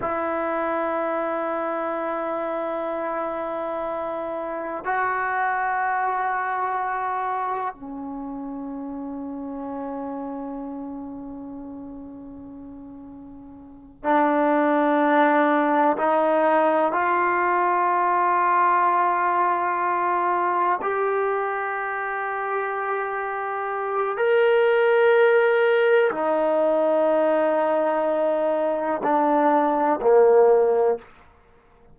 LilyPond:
\new Staff \with { instrumentName = "trombone" } { \time 4/4 \tempo 4 = 62 e'1~ | e'4 fis'2. | cis'1~ | cis'2~ cis'8 d'4.~ |
d'8 dis'4 f'2~ f'8~ | f'4. g'2~ g'8~ | g'4 ais'2 dis'4~ | dis'2 d'4 ais4 | }